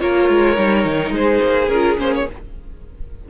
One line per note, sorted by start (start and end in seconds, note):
0.00 0.29 A#3
0.00 0.56 F4
0.00 1.15 A#4
0.00 1.13 C#5
0.29 0.57 G#3
0.56 0.85 G3
0.56 1.69 D#4
0.85 1.11 D#3
1.11 1.39 G#3
1.11 2.30 G#4
1.11 1.69 C5
1.43 1.69 A#3
1.69 1.97 C#4
1.69 1.98 F4
1.69 1.98 A#4
1.98 2.26 A#3
1.98 2.26 C#4
1.98 2.14 C5
2.15 2.29 C#5